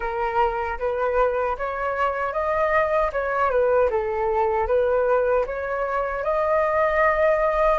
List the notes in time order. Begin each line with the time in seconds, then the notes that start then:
0.00 A#4
0.79 B4
1.57 C#5
2.32 D#5
3.12 C#5
3.50 B4
3.90 A4
4.67 B4
5.45 C#5
6.23 D#5